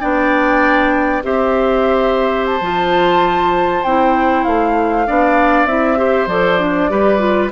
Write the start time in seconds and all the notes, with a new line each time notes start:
0.00 B3 D4 D5 G5
1.23 C4 G4 C5 E5
2.46 A5
2.61 F3 F4
3.84 C4 E4 G5
4.44 A3 F5
5.07 B3 D4 D5
5.66 C4 E4 E5
5.97 G4 C5
6.27 F3 A4 D5
6.59 D4
6.90 G3 G4 B4
7.19 F4